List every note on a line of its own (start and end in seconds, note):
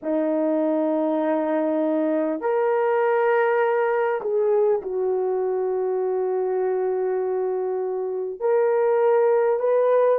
0.02 2.40 D#4
2.40 4.20 A#4
4.21 4.81 G#4
4.82 8.39 F#4
8.39 9.59 A#4
9.59 10.19 B4